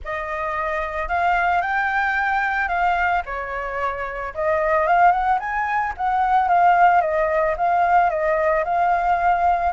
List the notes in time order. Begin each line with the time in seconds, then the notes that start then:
0.04 D#5
1.08 F5
1.61 G5
2.68 F5
3.25 C#5
4.34 D#5
4.86 F5
5.11 F#5
5.39 G#5
5.97 F#5
6.48 F5
7.01 D#5
7.57 F5
8.09 D#5
8.64 F5